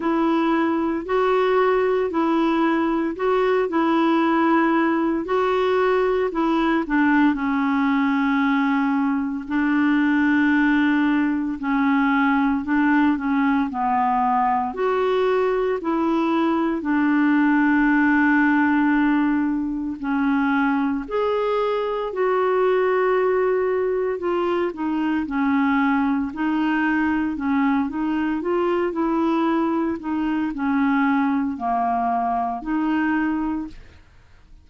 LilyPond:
\new Staff \with { instrumentName = "clarinet" } { \time 4/4 \tempo 4 = 57 e'4 fis'4 e'4 fis'8 e'8~ | e'4 fis'4 e'8 d'8 cis'4~ | cis'4 d'2 cis'4 | d'8 cis'8 b4 fis'4 e'4 |
d'2. cis'4 | gis'4 fis'2 f'8 dis'8 | cis'4 dis'4 cis'8 dis'8 f'8 e'8~ | e'8 dis'8 cis'4 ais4 dis'4 | }